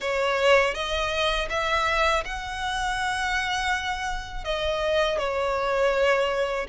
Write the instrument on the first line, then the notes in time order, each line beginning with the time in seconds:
violin
0.00 C#5
0.74 D#5
1.49 E5
2.24 F#5
4.44 D#5
5.18 C#5